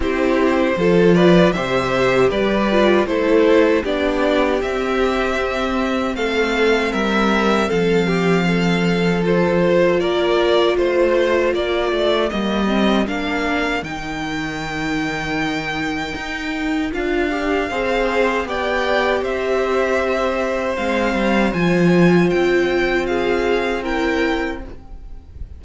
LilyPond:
<<
  \new Staff \with { instrumentName = "violin" } { \time 4/4 \tempo 4 = 78 c''4. d''8 e''4 d''4 | c''4 d''4 e''2 | f''4 e''4 f''2 | c''4 d''4 c''4 d''4 |
dis''4 f''4 g''2~ | g''2 f''2 | g''4 e''2 f''4 | gis''4 g''4 f''4 g''4 | }
  \new Staff \with { instrumentName = "violin" } { \time 4/4 g'4 a'8 b'8 c''4 b'4 | a'4 g'2. | a'4 ais'4 a'8 g'8 a'4~ | a'4 ais'4 c''4 ais'4~ |
ais'1~ | ais'2. c''4 | d''4 c''2.~ | c''2 gis'4 ais'4 | }
  \new Staff \with { instrumentName = "viola" } { \time 4/4 e'4 f'4 g'4. f'8 | e'4 d'4 c'2~ | c'1 | f'1 |
ais8 c'8 d'4 dis'2~ | dis'2 f'8 g'8 gis'4 | g'2. c'4 | f'2. e'4 | }
  \new Staff \with { instrumentName = "cello" } { \time 4/4 c'4 f4 c4 g4 | a4 b4 c'2 | a4 g4 f2~ | f4 ais4 a4 ais8 a8 |
g4 ais4 dis2~ | dis4 dis'4 d'4 c'4 | b4 c'2 gis8 g8 | f4 c'2. | }
>>